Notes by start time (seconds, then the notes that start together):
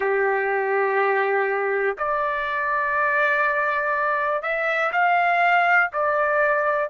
0.00 G4
1.98 D5
4.42 E5
4.92 F5
5.92 D5